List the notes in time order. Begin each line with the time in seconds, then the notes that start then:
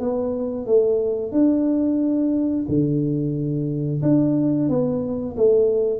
0.00 B3
0.66 A3
1.32 D4
2.68 D3
4.02 D4
4.69 B3
5.37 A3